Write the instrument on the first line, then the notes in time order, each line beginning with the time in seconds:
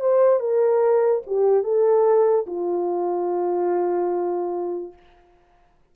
horn
0.00 C5
0.39 A#4
1.26 G4
1.63 A4
2.46 F4